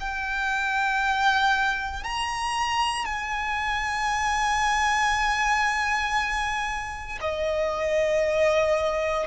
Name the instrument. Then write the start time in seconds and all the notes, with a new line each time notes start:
violin
0.00 G5
2.04 A#5
3.05 G#5
7.21 D#5